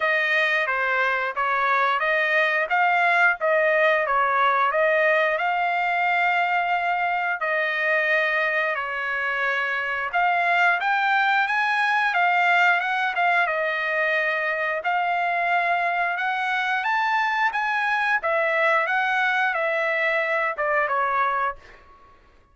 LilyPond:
\new Staff \with { instrumentName = "trumpet" } { \time 4/4 \tempo 4 = 89 dis''4 c''4 cis''4 dis''4 | f''4 dis''4 cis''4 dis''4 | f''2. dis''4~ | dis''4 cis''2 f''4 |
g''4 gis''4 f''4 fis''8 f''8 | dis''2 f''2 | fis''4 a''4 gis''4 e''4 | fis''4 e''4. d''8 cis''4 | }